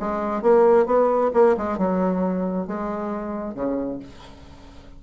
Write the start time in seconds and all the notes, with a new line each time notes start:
0.00 G#3
0.42 A#3
0.86 B3
1.34 A#3
1.58 G#3
1.78 F#3
2.68 G#3
3.55 C#3